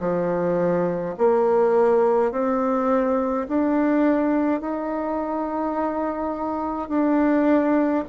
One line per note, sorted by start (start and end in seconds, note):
0.00 1.15 F3
1.18 2.31 A#3
2.31 3.47 C4
3.48 4.61 D4
4.61 6.89 D#4
6.89 8.04 D4